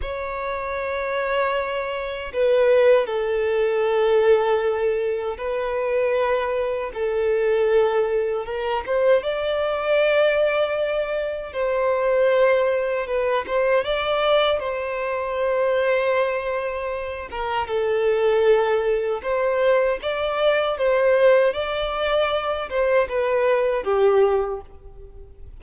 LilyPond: \new Staff \with { instrumentName = "violin" } { \time 4/4 \tempo 4 = 78 cis''2. b'4 | a'2. b'4~ | b'4 a'2 ais'8 c''8 | d''2. c''4~ |
c''4 b'8 c''8 d''4 c''4~ | c''2~ c''8 ais'8 a'4~ | a'4 c''4 d''4 c''4 | d''4. c''8 b'4 g'4 | }